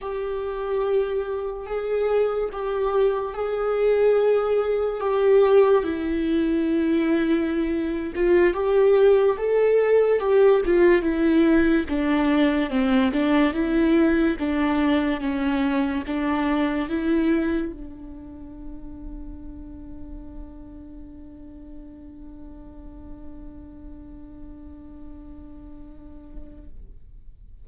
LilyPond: \new Staff \with { instrumentName = "viola" } { \time 4/4 \tempo 4 = 72 g'2 gis'4 g'4 | gis'2 g'4 e'4~ | e'4.~ e'16 f'8 g'4 a'8.~ | a'16 g'8 f'8 e'4 d'4 c'8 d'16~ |
d'16 e'4 d'4 cis'4 d'8.~ | d'16 e'4 d'2~ d'8.~ | d'1~ | d'1 | }